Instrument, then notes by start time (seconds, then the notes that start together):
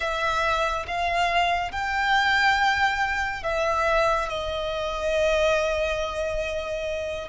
violin
0.00 E5
0.86 F5
1.71 G5
3.43 E5
4.29 D#5